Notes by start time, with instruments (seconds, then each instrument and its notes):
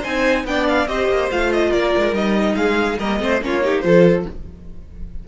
0.00 cello C4, viola D#4, violin C5 G#5
0.45 cello B3, viola D4, violin D5 G5
0.68 violin F5
0.88 cello C4, viola G4, violin C5 D#5
1.10 cello A#3
1.31 cello A3, viola F4, violin F5
1.53 violin D#5
1.70 cello A#3, violin A#4 D5
1.98 cello G#3
2.13 cello G3, viola D#4, violin D#5
2.56 cello G#3, violin G#4 F5
2.99 cello G3, viola A#3, violin A#4 D#5
3.20 cello A3, viola C4, violin C5
3.42 cello A#3, viola C#4, violin F4 C#5
3.62 viola D#4, violin G4
3.81 cello F3, viola F4, violin A4 C5